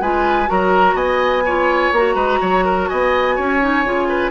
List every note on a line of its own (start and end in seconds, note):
0.00 0.48 G#3
0.00 0.46 F4
0.00 0.49 B4
0.00 0.49 G#5
0.46 0.94 F#3
0.46 1.42 F#4
0.46 0.95 A#4
0.46 0.96 A#5
0.94 1.90 B3
0.94 1.43 D#5
0.94 1.92 G#5
1.45 1.95 F4
1.45 2.15 C#5
1.92 2.15 A#3
1.92 3.60 F#4
1.92 2.87 A#5
2.15 2.39 G#3
2.15 2.39 B4
2.41 2.89 F#3
2.41 2.65 C#5
2.65 2.89 A#4
2.87 3.38 B3
2.87 3.35 D#5
2.87 4.31 G#5
3.35 3.84 C#4
3.35 4.07 C#5
3.60 3.84 D#4
3.84 4.31 C#3
3.84 4.31 F4
4.09 4.31 B4